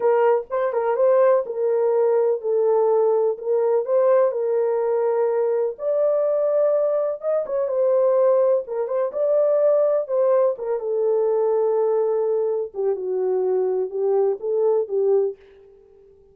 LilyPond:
\new Staff \with { instrumentName = "horn" } { \time 4/4 \tempo 4 = 125 ais'4 c''8 ais'8 c''4 ais'4~ | ais'4 a'2 ais'4 | c''4 ais'2. | d''2. dis''8 cis''8 |
c''2 ais'8 c''8 d''4~ | d''4 c''4 ais'8 a'4.~ | a'2~ a'8 g'8 fis'4~ | fis'4 g'4 a'4 g'4 | }